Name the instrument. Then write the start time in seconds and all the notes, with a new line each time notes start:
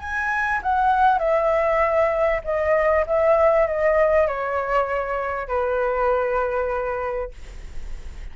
flute
0.00 G#5
0.63 F#5
1.19 E5
2.45 D#5
3.07 E5
3.68 D#5
4.28 C#5
5.48 B4